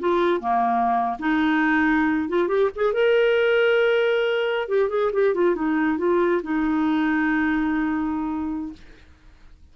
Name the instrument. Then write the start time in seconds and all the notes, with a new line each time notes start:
clarinet
0.00 F4
0.41 A#3
1.20 D#4
2.29 F4
2.48 G4
2.76 G#4
2.93 A#4
4.69 G4
4.90 G#4
5.13 G4
5.35 F4
5.56 D#4
5.98 F4
6.43 D#4